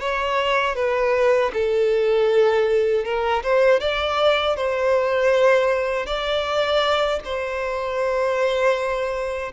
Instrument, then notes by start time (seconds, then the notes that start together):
violin
0.00 C#5
0.75 B4
1.53 A4
3.04 A#4
3.42 C5
3.80 D5
4.56 C5
6.06 D5
7.24 C5